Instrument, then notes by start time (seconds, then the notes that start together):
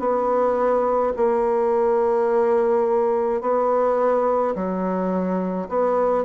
bassoon
0.00 B3
1.17 A#3
3.42 B3
4.55 F#3
5.69 B3